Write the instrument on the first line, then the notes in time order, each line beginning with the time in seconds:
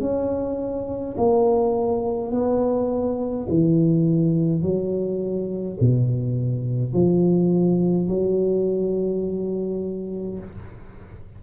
tuba
0.00 C#4
1.17 A#3
2.31 B3
3.49 E3
4.62 F#3
5.80 B2
6.93 F3
8.08 F#3